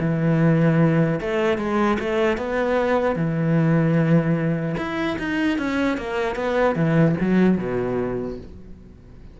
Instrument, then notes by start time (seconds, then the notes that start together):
cello
0.00 E3
1.20 A3
1.58 G#3
1.99 A3
2.37 B3
3.16 E3
4.77 E4
5.19 D#4
5.58 C#4
5.97 A#3
6.35 B3
6.75 E3
7.20 F#3
7.57 B2